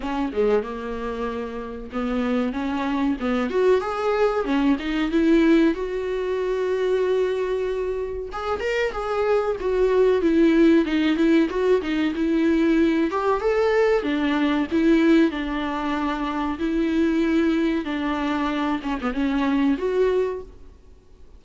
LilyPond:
\new Staff \with { instrumentName = "viola" } { \time 4/4 \tempo 4 = 94 cis'8 gis8 ais2 b4 | cis'4 b8 fis'8 gis'4 cis'8 dis'8 | e'4 fis'2.~ | fis'4 gis'8 ais'8 gis'4 fis'4 |
e'4 dis'8 e'8 fis'8 dis'8 e'4~ | e'8 g'8 a'4 d'4 e'4 | d'2 e'2 | d'4. cis'16 b16 cis'4 fis'4 | }